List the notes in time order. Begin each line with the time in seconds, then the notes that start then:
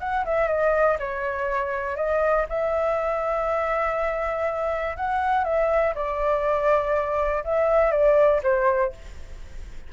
0.00 F#5
0.25 E5
0.48 D#5
0.99 C#5
1.97 D#5
2.49 E5
4.97 F#5
5.44 E5
5.95 D5
7.44 E5
7.92 D5
8.43 C5